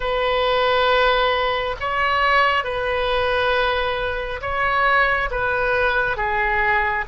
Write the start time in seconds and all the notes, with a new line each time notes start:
0.00 B4
1.80 C#5
2.64 B4
4.41 C#5
5.31 B4
6.16 G#4